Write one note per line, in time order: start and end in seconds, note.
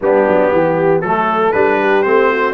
0.01 0.26 G3
0.01 1.03 B3
0.01 0.52 D4
0.01 1.01 G4
0.27 0.52 F#3
0.52 1.01 E3
0.52 1.03 G4
1.01 1.52 F#3
1.01 1.53 A3
1.01 1.52 A4
1.01 1.80 A4
1.52 2.06 G3
1.52 2.04 D4
1.52 2.02 B4
1.80 2.31 G4
2.02 2.53 A3
2.02 2.53 C4
2.02 2.53 C5
2.31 2.53 F#4